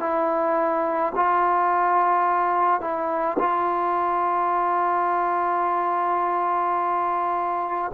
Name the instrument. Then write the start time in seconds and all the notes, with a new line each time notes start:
trombone
0.00 E4
1.16 F4
2.81 E4
3.39 F4